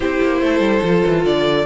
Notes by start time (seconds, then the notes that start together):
0.00 C4 E4 G4 C5
0.22 A#3
0.41 A3 A4
0.59 G3
0.83 F3 F4
1.06 E3
1.24 D3 D5